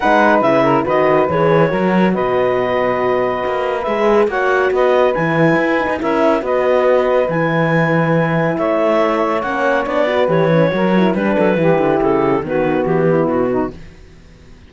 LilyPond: <<
  \new Staff \with { instrumentName = "clarinet" } { \time 4/4 \tempo 4 = 140 fis''4 e''4 dis''4 cis''4~ | cis''4 dis''2.~ | dis''4 e''4 fis''4 dis''4 | gis''2 e''4 dis''4~ |
dis''4 gis''2. | e''2 fis''4 d''4 | cis''2 b'2 | a'4 b'4 g'4 fis'4 | }
  \new Staff \with { instrumentName = "saxophone" } { \time 4/4 b'4. ais'8 b'2 | ais'4 b'2.~ | b'2 cis''4 b'4~ | b'2 ais'4 b'4~ |
b'1 | cis''2.~ cis''8 b'8~ | b'4 ais'4 b'8 a'8 g'4~ | g'4 fis'4. e'4 dis'8 | }
  \new Staff \with { instrumentName = "horn" } { \time 4/4 dis'4 e'4 fis'4 gis'4 | fis'1~ | fis'4 gis'4 fis'2 | e'4. dis'8 e'4 fis'4~ |
fis'4 e'2.~ | e'2 cis'4 d'8 fis'8 | g'8 cis'8 fis'8 e'8 d'4 e'4~ | e'4 b2. | }
  \new Staff \with { instrumentName = "cello" } { \time 4/4 gis4 cis4 dis4 e4 | fis4 b,2. | ais4 gis4 ais4 b4 | e4 e'8. dis'16 cis'4 b4~ |
b4 e2. | a2 ais4 b4 | e4 fis4 g8 fis8 e8 d8 | cis4 dis4 e4 b,4 | }
>>